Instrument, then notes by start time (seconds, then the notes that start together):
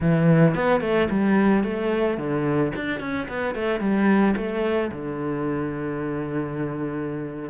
cello
0.00 E3
0.55 B3
0.81 A3
1.10 G3
1.63 A3
2.17 D3
2.75 D4
3.00 C#4
3.28 B3
3.55 A3
3.80 G3
4.36 A3
4.91 D3